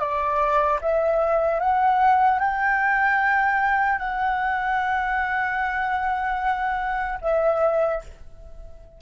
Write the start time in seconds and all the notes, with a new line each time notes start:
0.00 D5
0.82 E5
1.60 F#5
2.40 G5
3.99 F#5
7.22 E5